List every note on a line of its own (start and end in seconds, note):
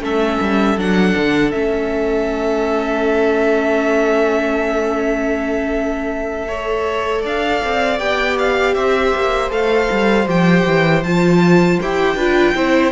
0.00 0.38 A3
0.00 0.77 C#4
0.00 6.47 A4
0.00 0.79 E5
0.41 0.76 G3
0.76 1.14 F#3
0.76 1.53 D4
0.76 1.51 F#5
1.16 1.54 D3
1.51 7.24 A3
1.51 6.47 C#4
1.51 7.21 E5
6.47 7.99 A4
6.47 7.22 C#5
7.22 7.62 D4
7.22 8.73 D5
7.22 7.99 F5
7.64 7.99 C4
7.99 8.75 B3
7.99 9.50 G4
7.99 8.37 G5
8.38 8.74 F5
8.74 9.13 C4
8.74 12.16 C5
8.74 9.50 E5
9.15 9.51 A#3
9.50 9.89 A3
9.50 10.26 A4
9.50 10.28 F5
9.91 10.27 G3
10.27 10.65 F3
10.27 11.03 G4
10.27 11.03 G5
10.66 11.04 E3
11.03 11.80 F3
11.03 11.81 F4
11.03 11.79 A5
11.81 12.15 E4
11.81 12.18 G4
11.81 12.92 G5
12.15 12.53 D4
12.15 12.56 F4
12.15 12.53 B4
12.55 12.92 C4
12.55 12.92 E4
12.55 12.92 C5